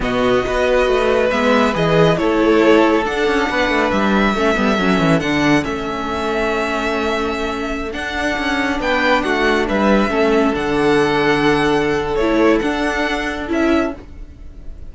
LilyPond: <<
  \new Staff \with { instrumentName = "violin" } { \time 4/4 \tempo 4 = 138 dis''2. e''4 | dis''4 cis''2 fis''4~ | fis''4 e''2. | fis''4 e''2.~ |
e''2~ e''16 fis''4.~ fis''16~ | fis''16 g''4 fis''4 e''4.~ e''16~ | e''16 fis''2.~ fis''8. | cis''4 fis''2 e''4 | }
  \new Staff \with { instrumentName = "violin" } { \time 4/4 fis'4 b'2.~ | b'4 a'2. | b'2 a'2~ | a'1~ |
a'1~ | a'16 b'4 fis'4 b'4 a'8.~ | a'1~ | a'1 | }
  \new Staff \with { instrumentName = "viola" } { \time 4/4 b4 fis'2 b4 | gis'4 e'2 d'4~ | d'2 cis'8 b8 cis'4 | d'4 cis'2.~ |
cis'2~ cis'16 d'4.~ d'16~ | d'2.~ d'16 cis'8.~ | cis'16 d'2.~ d'8. | e'4 d'2 e'4 | }
  \new Staff \with { instrumentName = "cello" } { \time 4/4 b,4 b4 a4 gis4 | e4 a2 d'8 cis'8 | b8 a8 g4 a8 g8 fis8 e8 | d4 a2.~ |
a2~ a16 d'4 cis'8.~ | cis'16 b4 a4 g4 a8.~ | a16 d2.~ d8. | a4 d'2 cis'4 | }
>>